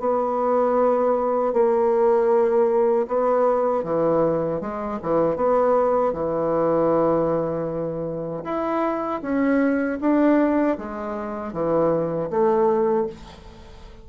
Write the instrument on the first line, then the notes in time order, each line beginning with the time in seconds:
bassoon
0.00 B3
1.53 A#3
3.08 B3
3.84 E3
4.61 G#3
5.02 E3
5.36 B3
6.13 E3
8.44 E4
9.22 C#4
10.01 D4
10.78 G#3
11.53 E3
12.30 A3